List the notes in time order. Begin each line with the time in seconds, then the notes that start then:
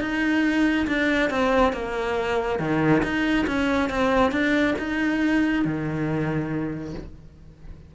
0.00 D#4
0.87 D4
1.30 C4
1.73 A#3
2.59 D#3
3.03 D#4
3.47 C#4
3.89 C4
4.31 D4
4.78 D#4
5.64 D#3